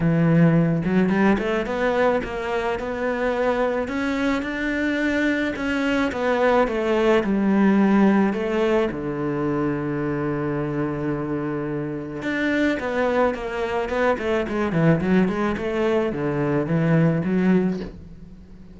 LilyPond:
\new Staff \with { instrumentName = "cello" } { \time 4/4 \tempo 4 = 108 e4. fis8 g8 a8 b4 | ais4 b2 cis'4 | d'2 cis'4 b4 | a4 g2 a4 |
d1~ | d2 d'4 b4 | ais4 b8 a8 gis8 e8 fis8 gis8 | a4 d4 e4 fis4 | }